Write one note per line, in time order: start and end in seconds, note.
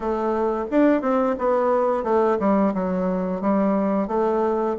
0.00 0.65 A3
0.70 1.01 D4
1.01 1.35 C4
1.38 2.03 B3
2.03 2.37 A3
2.39 2.73 G3
2.74 3.41 F#3
3.41 4.07 G3
4.07 4.75 A3